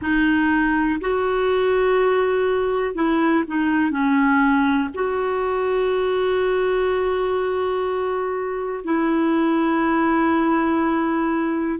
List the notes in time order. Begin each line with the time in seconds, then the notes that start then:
0.01 D#4
1.01 F#4
2.95 E4
3.47 D#4
3.90 C#4
4.94 F#4
8.84 E4